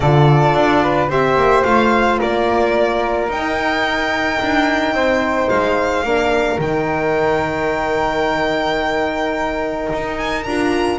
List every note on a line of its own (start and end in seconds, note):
0.00 0.54 D3
0.00 1.10 F4
0.00 0.82 A4
0.00 1.09 D5
0.54 1.09 D4
0.82 1.09 B4
1.09 1.35 C4
1.09 1.64 G4
1.09 2.19 C5
1.09 1.63 E5
1.35 1.63 A#3
1.63 2.19 A3
1.63 3.29 F4
1.63 2.18 F5
2.19 3.28 A#3
2.19 4.94 A#4
2.19 3.30 D5
3.28 4.38 D#4
3.28 6.05 D#4
3.28 5.49 G5
4.42 4.93 D4
4.93 5.48 C4
4.93 6.04 C5
5.49 6.03 G#3
5.49 6.59 F5
6.03 6.58 A#3
6.03 6.58 D4
6.03 10.99 A#4
6.58 9.88 D#3
6.58 10.43 D#4
6.58 10.17 G5
9.92 10.46 D#4
10.17 10.43 G#5
10.43 10.99 D4
10.43 10.99 F4
10.43 10.98 A#5